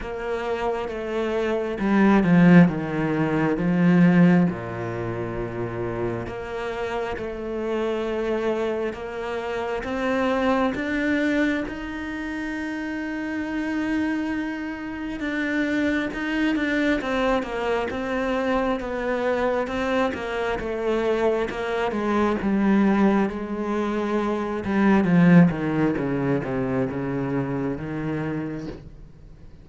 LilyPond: \new Staff \with { instrumentName = "cello" } { \time 4/4 \tempo 4 = 67 ais4 a4 g8 f8 dis4 | f4 ais,2 ais4 | a2 ais4 c'4 | d'4 dis'2.~ |
dis'4 d'4 dis'8 d'8 c'8 ais8 | c'4 b4 c'8 ais8 a4 | ais8 gis8 g4 gis4. g8 | f8 dis8 cis8 c8 cis4 dis4 | }